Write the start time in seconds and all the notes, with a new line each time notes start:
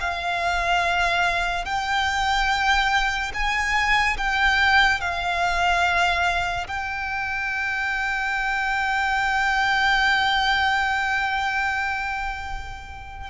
0.00 F5
1.65 G5
3.34 G#5
4.17 G5
5.00 F5
6.67 G5